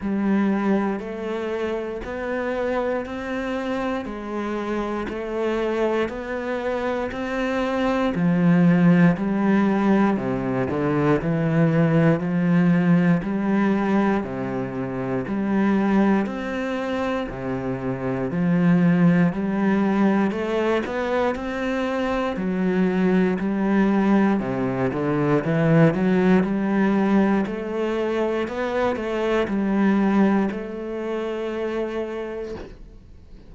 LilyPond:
\new Staff \with { instrumentName = "cello" } { \time 4/4 \tempo 4 = 59 g4 a4 b4 c'4 | gis4 a4 b4 c'4 | f4 g4 c8 d8 e4 | f4 g4 c4 g4 |
c'4 c4 f4 g4 | a8 b8 c'4 fis4 g4 | c8 d8 e8 fis8 g4 a4 | b8 a8 g4 a2 | }